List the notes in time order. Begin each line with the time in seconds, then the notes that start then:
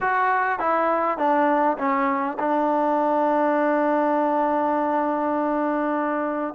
0.00 F#4
0.59 E4
1.17 D4
1.78 C#4
2.39 D4